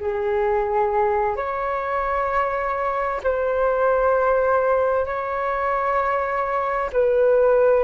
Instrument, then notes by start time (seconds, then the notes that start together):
flute
0.00 G#4
1.36 C#5
3.23 C5
5.06 C#5
6.93 B4